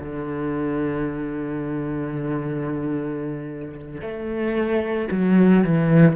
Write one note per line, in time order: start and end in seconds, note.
0.00 4.01 D3
4.01 5.08 A3
5.11 5.63 F#3
5.63 6.16 E3